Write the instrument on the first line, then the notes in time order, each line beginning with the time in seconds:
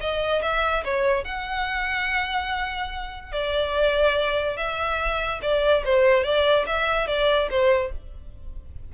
violin
0.00 D#5
0.42 E5
0.84 C#5
1.24 F#5
3.32 D5
4.57 E5
5.42 D5
5.85 C5
6.23 D5
6.66 E5
7.07 D5
7.50 C5